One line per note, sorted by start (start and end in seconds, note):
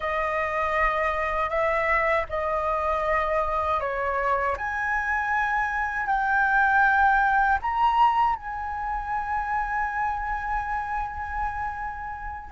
0.00 1.49 D#5
1.49 2.25 E5
2.29 3.80 D#5
3.80 4.56 C#5
4.57 6.06 G#5
6.06 7.58 G5
7.61 8.35 A#5
8.35 12.51 G#5